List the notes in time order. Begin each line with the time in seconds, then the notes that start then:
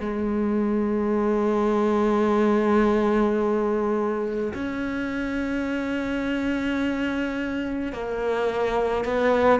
0.00 G#3
4.53 C#4
7.92 A#3
9.04 B3